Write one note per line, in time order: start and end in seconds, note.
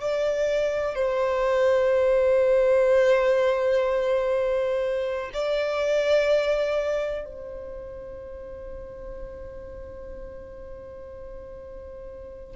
0.00 0.95 D5
0.95 5.30 C5
5.33 7.25 D5
7.25 12.56 C5